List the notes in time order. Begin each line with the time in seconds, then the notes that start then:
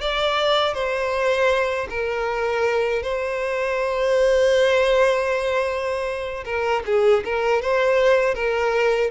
0.00 D5
0.74 C5
1.89 A#4
3.02 C5
6.45 A#4
6.86 G#4
7.24 A#4
7.62 C5
8.34 A#4